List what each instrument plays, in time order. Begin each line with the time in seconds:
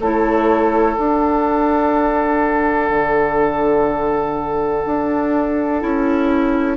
0.00 bassoon A3, clarinet E4, oboe A4, flute C#5
0.97 clarinet D4, bassoon D4, flute F#5
2.90 bassoon D3
4.86 bassoon D4
5.81 bassoon C#4, clarinet E4